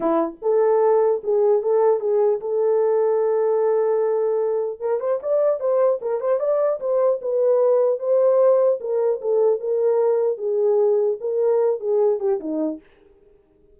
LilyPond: \new Staff \with { instrumentName = "horn" } { \time 4/4 \tempo 4 = 150 e'4 a'2 gis'4 | a'4 gis'4 a'2~ | a'1 | ais'8 c''8 d''4 c''4 ais'8 c''8 |
d''4 c''4 b'2 | c''2 ais'4 a'4 | ais'2 gis'2 | ais'4. gis'4 g'8 dis'4 | }